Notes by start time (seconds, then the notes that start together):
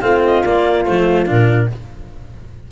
0.00 A3 C4 F4 F5
0.26 D#5
0.45 A#3 D5
0.86 F3 A3 C5
1.26 A#2 D4 A#4